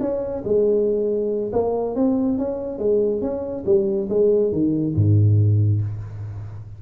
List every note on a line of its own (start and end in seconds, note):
0.00 0.43 C#4
0.45 1.52 G#3
1.52 1.95 A#3
1.95 2.38 C4
2.38 2.79 C#4
2.79 3.21 G#3
3.21 3.64 C#4
3.66 4.09 G3
4.09 4.52 G#3
4.52 4.95 D#3
4.95 5.81 G#2